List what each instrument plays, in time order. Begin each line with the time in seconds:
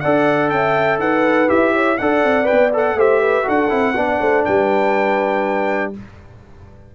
0.00 tuba D4, trombone A4, horn D5, trumpet F#5
0.50 tuba C#4, horn E5, trumpet G5
0.99 tuba D#4, horn B4, trumpet F#5
1.48 tuba E4, trombone G4, trumpet E5
1.73 horn C#5
1.98 tuba D4, trombone A4, horn D5, trumpet F#5
2.24 tuba C4
2.44 trombone B4, trumpet G5
2.52 tuba B3
2.73 trombone A4, trumpet F#5
2.94 tuba A3, trombone G4, horn C5, trumpet E5
3.21 horn B4
3.43 tuba D4, trombone F#4, horn A4, trumpet F#5
3.69 tuba C4, trombone E4
3.95 tuba B3, trombone D4, horn D5
4.21 tuba A3, horn C5
4.45 tuba G3, horn B4, trumpet G5